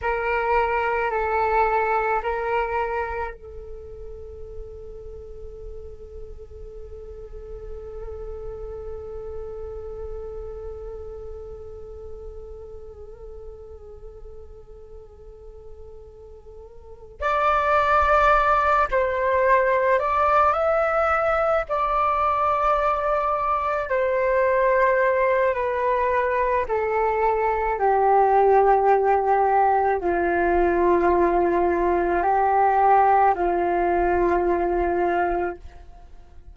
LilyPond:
\new Staff \with { instrumentName = "flute" } { \time 4/4 \tempo 4 = 54 ais'4 a'4 ais'4 a'4~ | a'1~ | a'1~ | a'2.~ a'8 d''8~ |
d''4 c''4 d''8 e''4 d''8~ | d''4. c''4. b'4 | a'4 g'2 f'4~ | f'4 g'4 f'2 | }